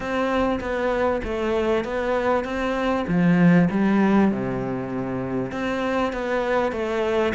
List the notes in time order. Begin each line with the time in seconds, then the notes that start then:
0.00 C4
0.60 B3
1.24 A3
1.84 B3
2.44 C4
3.07 F3
3.70 G3
4.31 C3
5.51 C4
6.12 B3
6.72 A3